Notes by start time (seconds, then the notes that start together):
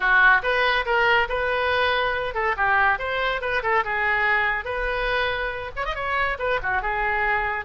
0.00 F#4
0.42 B4
0.85 A#4
1.29 B4
2.34 A4
2.56 G4
2.99 C5
3.41 B4
3.62 A4
3.84 G#4
4.64 B4
5.76 C#5
5.85 D#5
5.95 C#5
6.38 B4
6.63 F#4
6.82 G#4